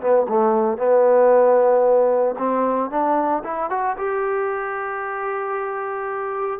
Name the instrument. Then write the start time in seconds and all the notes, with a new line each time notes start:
trombone
0.00 B3
0.28 A3
0.78 B3
2.38 C4
2.90 D4
3.44 E4
3.70 F#4
3.98 G4